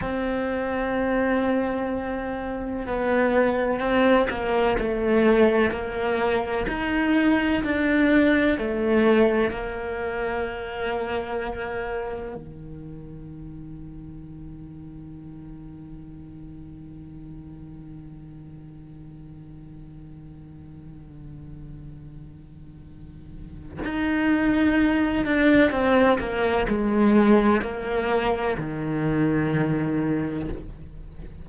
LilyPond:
\new Staff \with { instrumentName = "cello" } { \time 4/4 \tempo 4 = 63 c'2. b4 | c'8 ais8 a4 ais4 dis'4 | d'4 a4 ais2~ | ais4 dis2.~ |
dis1~ | dis1~ | dis4 dis'4. d'8 c'8 ais8 | gis4 ais4 dis2 | }